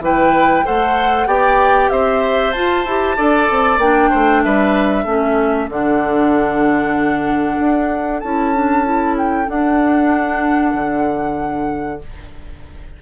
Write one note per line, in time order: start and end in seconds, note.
0.00 0.63 E3
0.00 0.63 E4
0.00 0.65 B4
0.00 0.66 G5
0.63 1.26 A3
0.63 1.27 A4
0.63 1.28 C5
0.63 1.27 F#5
1.26 1.89 B3
1.26 2.53 G4
1.26 1.91 D5
1.26 1.90 G5
1.90 2.54 C4
1.90 3.16 C5
1.90 2.52 E5
2.52 2.86 F4
2.52 2.85 F4
2.52 3.78 A5
2.85 3.17 E4
2.85 3.17 G4
3.16 3.49 D4
3.16 3.80 A4
3.16 4.10 D5
3.50 3.77 C4
3.77 4.09 A#3
3.77 5.06 D4
3.77 4.43 G5
4.10 4.45 A3
4.10 4.42 C5
4.43 5.05 G3
4.43 5.04 B4
4.43 5.69 E5
5.04 5.68 A3
5.04 5.69 C#4
5.04 11.99 A4
5.69 7.59 D3
5.69 8.23 D4
5.69 8.20 F#5
7.59 8.22 D4
8.20 9.48 C#4
8.20 8.54 E4
8.20 9.15 A5
8.55 8.84 D4
8.84 9.46 E4
9.17 9.49 G5
9.46 11.98 D4
9.46 10.73 D4
9.46 12.02 F#5
10.73 12.00 D3